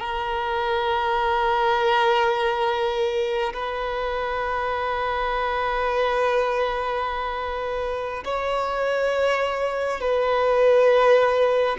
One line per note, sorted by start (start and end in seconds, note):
0.00 3.53 A#4
3.53 8.24 B4
8.25 10.01 C#5
10.01 11.77 B4